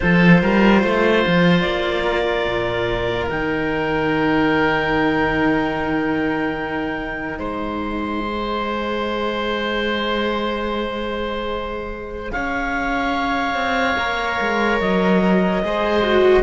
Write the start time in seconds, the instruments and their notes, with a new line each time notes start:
0.00 cello F3 F4, oboe A4, clarinet C5
0.42 cello G3, oboe A#4
0.81 cello A3, oboe C5
1.27 cello F3
1.61 cello A#3, clarinet D5
2.04 oboe A#4
2.46 cello A#2
3.28 cello D#3 D#4, clarinet G5
7.38 cello G#3, oboe C5, clarinet D#5
8.19 cello G#4
12.31 cello C#4, oboe C#5, clarinet F5
13.54 cello C4
13.98 cello A#3 A#4
14.39 cello G#3
14.80 cello F#3, clarinet D#5
15.63 cello G#3 G#4, oboe C5
16.02 cello F#4